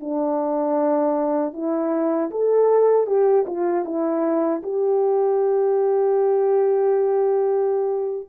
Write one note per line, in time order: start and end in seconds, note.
0.00 1.53 D4
1.53 2.30 E4
2.30 3.06 A4
3.06 3.45 G4
3.46 3.85 F4
3.85 4.62 E4
4.63 8.28 G4